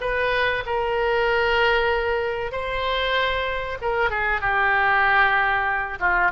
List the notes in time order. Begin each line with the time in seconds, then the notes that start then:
0.00 B4
0.65 A#4
2.51 C5
3.81 A#4
4.10 G#4
4.40 G4
5.99 F4